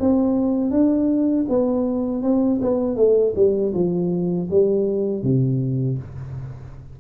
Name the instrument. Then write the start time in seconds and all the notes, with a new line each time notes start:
tuba
0.00 C4
0.71 D4
1.49 B3
2.23 C4
2.62 B3
2.97 A3
3.36 G3
3.74 F3
4.51 G3
5.23 C3